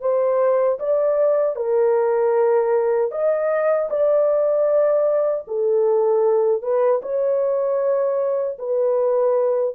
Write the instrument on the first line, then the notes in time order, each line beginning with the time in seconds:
horn
0.00 C5
0.79 D5
1.55 A#4
3.11 D#5
3.89 D5
5.47 A4
6.62 B4
7.02 C#5
8.58 B4